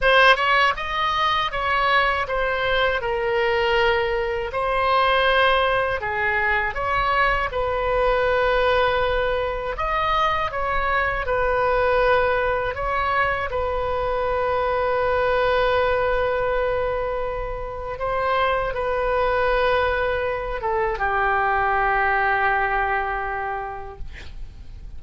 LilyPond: \new Staff \with { instrumentName = "oboe" } { \time 4/4 \tempo 4 = 80 c''8 cis''8 dis''4 cis''4 c''4 | ais'2 c''2 | gis'4 cis''4 b'2~ | b'4 dis''4 cis''4 b'4~ |
b'4 cis''4 b'2~ | b'1 | c''4 b'2~ b'8 a'8 | g'1 | }